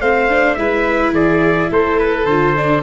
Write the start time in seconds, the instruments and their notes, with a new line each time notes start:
0.00 tuba A3, viola C4, violin C5, trumpet F5
0.29 viola D4
0.55 tuba G#3, viola E4, violin B4, trumpet E5
1.11 tuba E3, violin G#4, trumpet D5
1.70 tuba A3, violin A4, trumpet C5
1.99 trumpet B4
2.25 tuba D3, viola F4, trumpet C5
2.56 viola D4